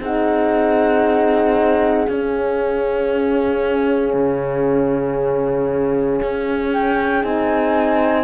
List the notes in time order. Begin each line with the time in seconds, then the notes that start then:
0.00 C4 D#4 G#4 F#5
2.08 C#4 F5
4.13 C#3
6.22 C#4
6.72 G5
7.22 C4 D#4 G#5